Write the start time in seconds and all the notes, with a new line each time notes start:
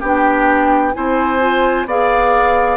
0.00 B3 D4 G4 G5
0.93 C4 E4 C5 G#5
1.40 F4
1.86 B3 G#4 D5 F5